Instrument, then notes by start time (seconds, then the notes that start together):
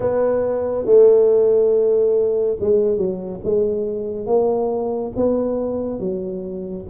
tuba
0.00 B3
0.85 A3
2.59 G#3
2.96 F#3
3.44 G#3
4.26 A#3
5.15 B3
5.99 F#3